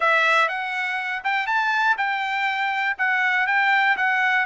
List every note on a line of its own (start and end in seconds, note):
0.00 0.48 E5
0.48 1.22 F#5
1.24 1.47 G5
1.47 1.96 A5
1.97 2.96 G5
2.98 3.46 F#5
3.46 3.96 G5
3.96 4.45 F#5